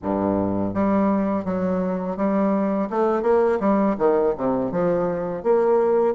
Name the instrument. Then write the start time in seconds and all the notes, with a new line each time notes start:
bassoon
0.02 G2
0.74 G3
1.45 F#3
2.16 G3
2.89 A3
3.22 A#3
3.59 G3
3.98 D#3
4.37 C3
4.71 F3
5.43 A#3